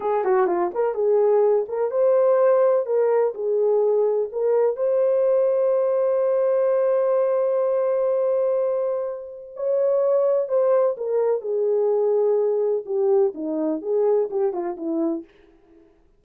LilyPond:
\new Staff \with { instrumentName = "horn" } { \time 4/4 \tempo 4 = 126 gis'8 fis'8 f'8 ais'8 gis'4. ais'8 | c''2 ais'4 gis'4~ | gis'4 ais'4 c''2~ | c''1~ |
c''1 | cis''2 c''4 ais'4 | gis'2. g'4 | dis'4 gis'4 g'8 f'8 e'4 | }